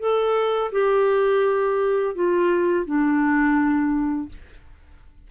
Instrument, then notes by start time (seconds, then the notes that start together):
clarinet
0.00 A4
0.72 G4
2.16 F4
2.86 D4